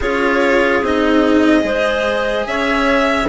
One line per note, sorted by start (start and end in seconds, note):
0.00 0.81 C#4
0.00 0.83 F4
0.00 1.63 G#4
0.00 0.84 C#5
0.81 1.64 C4
0.81 1.60 D#4
0.81 2.46 D#5
1.60 2.46 G#3
1.60 3.25 G#4
1.60 2.47 C5
2.46 3.28 C#4
2.46 3.28 C#5
2.46 3.28 E5